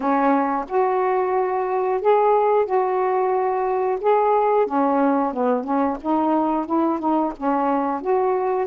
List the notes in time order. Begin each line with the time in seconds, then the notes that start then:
0.00 C#4
0.68 F#4
2.01 G#4
2.65 F#4
4.01 G#4
4.66 C#4
5.33 B3
5.64 C#4
6.01 D#4
6.65 E4
6.99 D#4
7.36 C#4
8.01 F#4